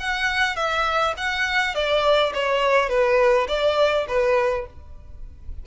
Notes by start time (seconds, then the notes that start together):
0.00 F#5
0.56 E5
1.18 F#5
1.75 D5
2.34 C#5
2.90 B4
3.48 D5
4.09 B4